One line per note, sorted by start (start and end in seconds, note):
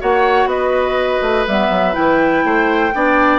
0.00 0.46 A#3
0.00 1.46 F#4
0.00 0.49 C#5
0.00 0.49 F#5
0.46 1.19 B3
0.46 2.45 B4
0.46 1.46 D#5
1.22 1.46 A3
1.48 1.71 G3
1.48 1.93 B3
1.48 1.95 E5
1.71 1.95 F#3
1.93 2.44 E3
1.93 2.91 E4
1.93 3.39 G5
2.44 2.93 A3
2.44 2.95 C5
2.95 3.39 B3
2.95 3.39 D4
2.95 3.39 D5